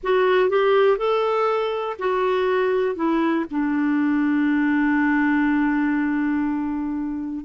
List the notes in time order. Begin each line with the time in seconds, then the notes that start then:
0.03 F#4
0.49 G4
0.97 A4
1.98 F#4
2.95 E4
3.50 D4